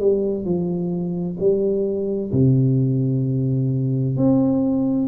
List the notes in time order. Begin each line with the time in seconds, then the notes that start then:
0.00 G3
0.45 F3
1.39 G3
2.32 C3
4.17 C4